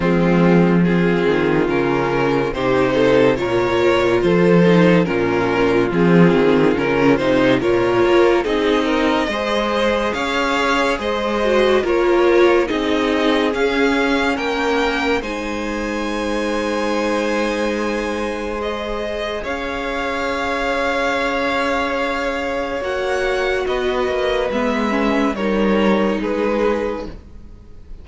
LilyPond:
<<
  \new Staff \with { instrumentName = "violin" } { \time 4/4 \tempo 4 = 71 f'4 gis'4 ais'4 c''4 | cis''4 c''4 ais'4 gis'4 | ais'8 c''8 cis''4 dis''2 | f''4 dis''4 cis''4 dis''4 |
f''4 g''4 gis''2~ | gis''2 dis''4 f''4~ | f''2. fis''4 | dis''4 e''4 cis''4 b'4 | }
  \new Staff \with { instrumentName = "violin" } { \time 4/4 c'4 f'2 g'8 a'8 | ais'4 a'4 f'2~ | f'4 ais'4 gis'8 ais'8 c''4 | cis''4 c''4 ais'4 gis'4~ |
gis'4 ais'4 c''2~ | c''2. cis''4~ | cis''1 | b'2 ais'4 gis'4 | }
  \new Staff \with { instrumentName = "viola" } { \time 4/4 gis4 c'4 cis'4 dis'4 | f'4. dis'8 cis'4 c'4 | cis'8 dis'8 f'4 dis'4 gis'4~ | gis'4. fis'8 f'4 dis'4 |
cis'2 dis'2~ | dis'2 gis'2~ | gis'2. fis'4~ | fis'4 b8 cis'8 dis'2 | }
  \new Staff \with { instrumentName = "cello" } { \time 4/4 f4. dis8 cis4 c4 | ais,4 f4 ais,4 f8 dis8 | cis8 c8 ais,8 ais8 c'4 gis4 | cis'4 gis4 ais4 c'4 |
cis'4 ais4 gis2~ | gis2. cis'4~ | cis'2. ais4 | b8 ais8 gis4 g4 gis4 | }
>>